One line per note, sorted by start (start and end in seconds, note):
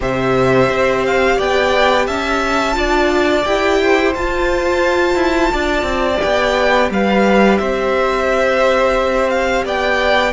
0.00 0.69 C3
0.00 2.73 G4
0.00 1.36 C5
0.00 1.05 E5
0.69 1.38 C4
1.05 1.39 F5
1.36 2.07 B3
1.36 2.05 D5
1.36 2.06 G5
2.06 2.76 C#4
2.06 2.75 E5
2.06 3.44 A5
2.73 3.45 D4
2.73 3.42 F4
2.73 3.80 D5
3.44 4.14 E4
3.44 4.14 G4
3.44 4.13 G5
3.82 5.52 C5
4.14 5.14 F4
4.14 6.16 F4
4.14 6.20 A5
5.14 5.49 E4
5.52 5.82 D4
5.52 6.90 D5
5.82 6.17 C4
6.16 10.30 G4
6.16 6.89 G5
6.24 6.90 B3
6.90 7.59 G3
6.90 7.60 B4
6.90 7.57 F5
7.57 9.64 C4
7.57 9.65 C5
7.57 9.29 E5
9.29 9.64 F5
9.64 10.33 B3
9.64 10.33 D5
9.64 10.33 G5